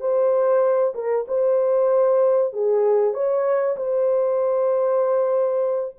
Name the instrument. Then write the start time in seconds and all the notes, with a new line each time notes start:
horn
0.00 C5
0.94 A#4
1.28 C5
2.53 G#4
3.14 C#5
3.77 C5